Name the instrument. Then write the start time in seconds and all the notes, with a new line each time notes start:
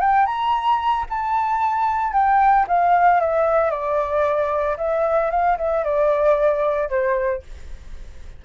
flute
0.00 G5
0.26 A#5
1.09 A5
2.12 G5
2.67 F5
3.20 E5
3.70 D5
4.77 E5
5.30 F5
5.57 E5
5.84 D5
6.89 C5